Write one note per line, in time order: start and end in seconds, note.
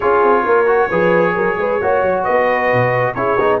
0.00 0.22 C#4
0.00 0.66 F4
0.00 0.43 G#4
0.00 2.23 C#5
0.22 0.44 C4
0.43 0.89 A#3
0.43 0.88 A#4
0.66 0.88 F#4
0.89 1.35 F3
0.89 1.81 G#4
0.89 1.34 B4
1.35 1.57 F#3
1.35 1.57 A#4
1.57 1.79 G#3
1.57 1.81 B4
1.81 2.02 A#3
1.81 3.16 F#4
1.81 2.24 C#5
2.02 2.25 F#3
2.23 2.72 B3
2.23 3.14 B4
2.23 3.14 D#5
2.72 3.14 B2
3.14 3.37 C#4
3.14 3.38 E4
3.14 3.60 G#4
3.14 3.59 C#5
3.39 3.60 B3
3.39 3.60 D#4